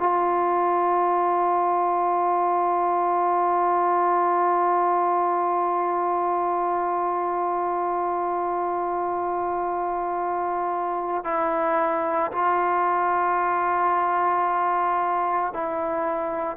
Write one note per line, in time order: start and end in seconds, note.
0.00 11.25 F4
11.25 12.32 E4
12.32 15.54 F4
15.54 16.57 E4